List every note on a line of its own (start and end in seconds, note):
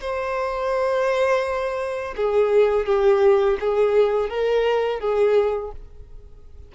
0.00 2.14 C5
2.16 2.86 G#4
2.86 3.57 G4
3.60 4.29 G#4
4.29 5.00 A#4
5.00 5.71 G#4